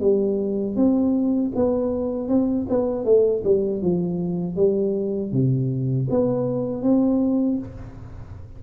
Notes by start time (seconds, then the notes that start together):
0.00 G3
0.76 C4
1.55 B3
2.29 C4
2.69 B3
3.05 A3
3.44 G3
3.82 F3
4.56 G3
5.32 C3
6.10 B3
6.83 C4